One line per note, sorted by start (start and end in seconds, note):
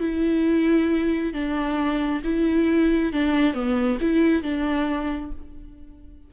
0.00 1.33 E4
1.34 2.22 D4
2.24 3.13 E4
3.13 3.54 D4
3.54 3.98 B3
4.01 4.43 E4
4.43 5.32 D4